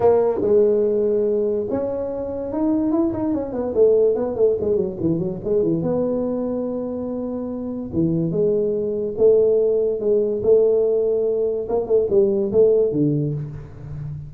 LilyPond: \new Staff \with { instrumentName = "tuba" } { \time 4/4 \tempo 4 = 144 ais4 gis2. | cis'2 dis'4 e'8 dis'8 | cis'8 b8 a4 b8 a8 gis8 fis8 | e8 fis8 gis8 e8 b2~ |
b2. e4 | gis2 a2 | gis4 a2. | ais8 a8 g4 a4 d4 | }